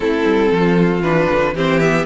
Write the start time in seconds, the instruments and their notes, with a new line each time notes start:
0.00 cello A3, viola C4, violin E4 A4
0.24 cello G3
0.51 cello F3, violin F4
1.01 cello E3, viola D4, violin B4
1.30 cello D3
1.54 cello E3, viola C4, violin G4 C5
1.79 viola B3, violin E5